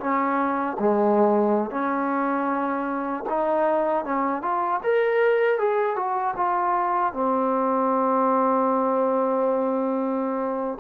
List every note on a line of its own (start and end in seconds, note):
0.00 0.77 C#4
0.79 1.70 G#3
1.70 3.24 C#4
3.30 4.05 D#4
4.05 4.42 C#4
4.42 4.80 F4
4.84 5.59 A#4
5.59 5.96 G#4
5.96 6.35 F#4
6.37 7.13 F4
7.13 10.79 C4